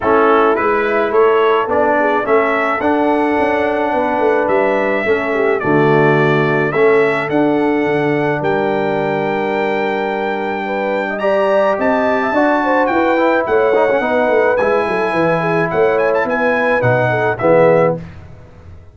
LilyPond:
<<
  \new Staff \with { instrumentName = "trumpet" } { \time 4/4 \tempo 4 = 107 a'4 b'4 cis''4 d''4 | e''4 fis''2. | e''2 d''2 | e''4 fis''2 g''4~ |
g''1 | ais''4 a''2 g''4 | fis''2 gis''2 | fis''8 gis''16 a''16 gis''4 fis''4 e''4 | }
  \new Staff \with { instrumentName = "horn" } { \time 4/4 e'2 a'4. gis'8 | a'2. b'4~ | b'4 a'8 g'8 fis'2 | a'2. ais'4~ |
ais'2. b'8. dis''16 | d''4 dis''8. e''16 d''8 c''8 b'4 | cis''4 b'4. a'8 b'8 gis'8 | cis''4 b'4. a'8 gis'4 | }
  \new Staff \with { instrumentName = "trombone" } { \time 4/4 cis'4 e'2 d'4 | cis'4 d'2.~ | d'4 cis'4 a2 | cis'4 d'2.~ |
d'1 | g'2 fis'4. e'8~ | e'8 dis'16 cis'16 dis'4 e'2~ | e'2 dis'4 b4 | }
  \new Staff \with { instrumentName = "tuba" } { \time 4/4 a4 gis4 a4 b4 | a4 d'4 cis'4 b8 a8 | g4 a4 d2 | a4 d'4 d4 g4~ |
g1~ | g4 c'4 d'4 e'4 | a4 b8 a8 gis8 fis8 e4 | a4 b4 b,4 e4 | }
>>